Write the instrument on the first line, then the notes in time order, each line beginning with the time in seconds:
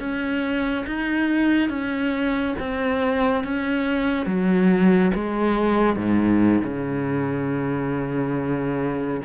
cello
0.00 C#4
0.87 D#4
1.69 C#4
2.59 C4
3.44 C#4
4.27 F#3
5.15 G#3
5.97 G#2
6.64 C#3